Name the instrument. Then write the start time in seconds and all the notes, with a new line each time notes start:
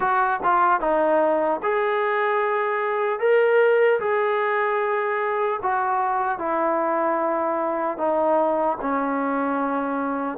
trombone
0.00 F#4
0.43 F4
0.80 D#4
1.63 G#4
3.19 A#4
4.00 G#4
5.62 F#4
6.38 E4
7.97 D#4
8.81 C#4